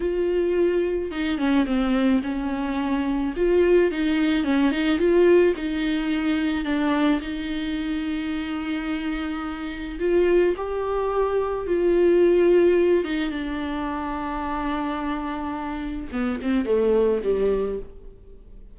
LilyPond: \new Staff \with { instrumentName = "viola" } { \time 4/4 \tempo 4 = 108 f'2 dis'8 cis'8 c'4 | cis'2 f'4 dis'4 | cis'8 dis'8 f'4 dis'2 | d'4 dis'2.~ |
dis'2 f'4 g'4~ | g'4 f'2~ f'8 dis'8 | d'1~ | d'4 b8 c'8 a4 g4 | }